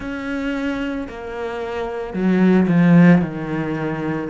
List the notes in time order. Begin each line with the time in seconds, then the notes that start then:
0.00 C#4
1.08 A#3
2.13 F#3
2.68 F3
3.21 D#3